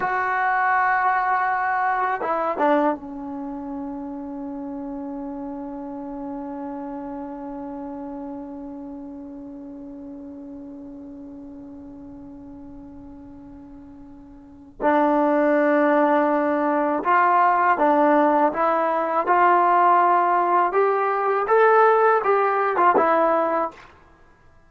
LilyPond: \new Staff \with { instrumentName = "trombone" } { \time 4/4 \tempo 4 = 81 fis'2. e'8 d'8 | cis'1~ | cis'1~ | cis'1~ |
cis'1 | d'2. f'4 | d'4 e'4 f'2 | g'4 a'4 g'8. f'16 e'4 | }